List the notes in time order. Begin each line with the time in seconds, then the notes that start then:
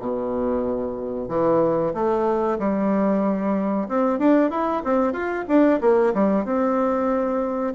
0.00 B2
1.29 E3
1.94 A3
2.59 G3
3.89 C4
4.19 D4
4.51 E4
4.84 C4
5.13 F4
5.48 D4
5.81 A#3
6.14 G3
6.45 C4